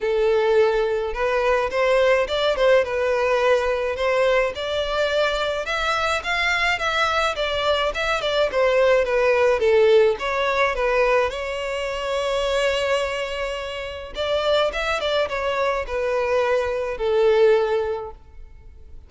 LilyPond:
\new Staff \with { instrumentName = "violin" } { \time 4/4 \tempo 4 = 106 a'2 b'4 c''4 | d''8 c''8 b'2 c''4 | d''2 e''4 f''4 | e''4 d''4 e''8 d''8 c''4 |
b'4 a'4 cis''4 b'4 | cis''1~ | cis''4 d''4 e''8 d''8 cis''4 | b'2 a'2 | }